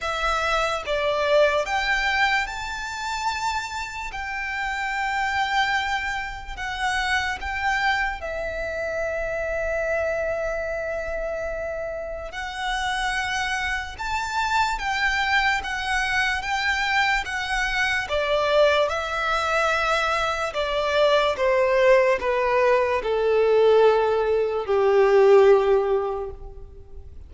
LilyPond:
\new Staff \with { instrumentName = "violin" } { \time 4/4 \tempo 4 = 73 e''4 d''4 g''4 a''4~ | a''4 g''2. | fis''4 g''4 e''2~ | e''2. fis''4~ |
fis''4 a''4 g''4 fis''4 | g''4 fis''4 d''4 e''4~ | e''4 d''4 c''4 b'4 | a'2 g'2 | }